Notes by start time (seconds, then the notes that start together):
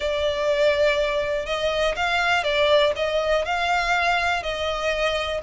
0.00 D5
1.46 D#5
1.96 F5
2.43 D5
2.96 D#5
3.45 F5
4.42 D#5